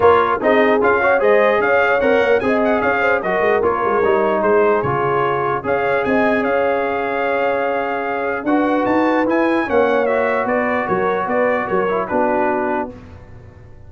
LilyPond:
<<
  \new Staff \with { instrumentName = "trumpet" } { \time 4/4 \tempo 4 = 149 cis''4 dis''4 f''4 dis''4 | f''4 fis''4 gis''8 fis''8 f''4 | dis''4 cis''2 c''4 | cis''2 f''4 gis''4 |
f''1~ | f''4 fis''4 a''4 gis''4 | fis''4 e''4 d''4 cis''4 | d''4 cis''4 b'2 | }
  \new Staff \with { instrumentName = "horn" } { \time 4/4 ais'4 gis'4. cis''8 c''4 | cis''2 dis''4 cis''8 c''8 | ais'2. gis'4~ | gis'2 cis''4 dis''4 |
cis''1~ | cis''4 b'2. | cis''2 b'4 ais'4 | b'4 ais'4 fis'2 | }
  \new Staff \with { instrumentName = "trombone" } { \time 4/4 f'4 dis'4 f'8 fis'8 gis'4~ | gis'4 ais'4 gis'2 | fis'4 f'4 dis'2 | f'2 gis'2~ |
gis'1~ | gis'4 fis'2 e'4 | cis'4 fis'2.~ | fis'4. e'8 d'2 | }
  \new Staff \with { instrumentName = "tuba" } { \time 4/4 ais4 c'4 cis'4 gis4 | cis'4 c'8 ais8 c'4 cis'4 | fis8 gis8 ais8 gis8 g4 gis4 | cis2 cis'4 c'4 |
cis'1~ | cis'4 d'4 dis'4 e'4 | ais2 b4 fis4 | b4 fis4 b2 | }
>>